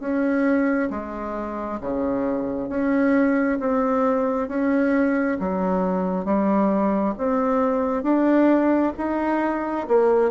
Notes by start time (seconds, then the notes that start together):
0.00 C#4
0.90 G#3
1.81 C#3
2.69 C#4
3.60 C4
4.49 C#4
5.40 F#3
6.25 G3
7.18 C4
8.04 D4
8.98 D#4
9.88 A#3